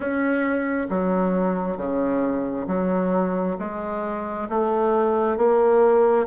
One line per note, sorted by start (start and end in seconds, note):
0.00 0.87 C#4
0.89 1.77 F#3
1.77 2.66 C#3
2.67 3.57 F#3
3.58 4.48 G#3
4.49 5.37 A3
5.37 6.26 A#3